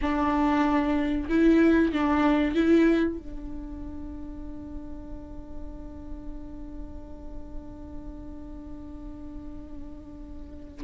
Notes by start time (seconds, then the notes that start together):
0.01 D4
1.29 E4
1.92 D4
2.55 E4
3.18 D4